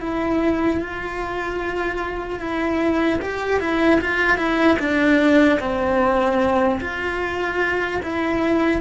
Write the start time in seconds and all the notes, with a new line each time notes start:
0.00 E4
0.80 F4
2.39 E4
3.21 G4
3.60 E4
4.00 F4
4.37 E4
4.79 D4
5.59 C4
6.80 F4
8.03 E4